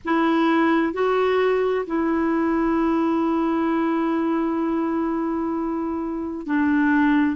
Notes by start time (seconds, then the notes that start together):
0.04 E4
0.93 F#4
1.86 E4
6.46 D4